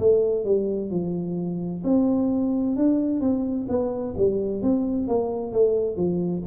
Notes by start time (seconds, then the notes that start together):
0.00 A3
0.45 G3
0.91 F3
1.84 C4
2.77 D4
3.21 C4
3.69 B3
4.17 G3
4.63 C4
5.08 A#3
5.53 A3
5.97 F3